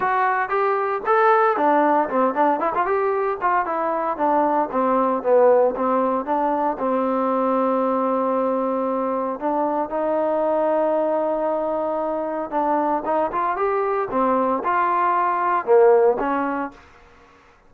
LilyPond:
\new Staff \with { instrumentName = "trombone" } { \time 4/4 \tempo 4 = 115 fis'4 g'4 a'4 d'4 | c'8 d'8 e'16 f'16 g'4 f'8 e'4 | d'4 c'4 b4 c'4 | d'4 c'2.~ |
c'2 d'4 dis'4~ | dis'1 | d'4 dis'8 f'8 g'4 c'4 | f'2 ais4 cis'4 | }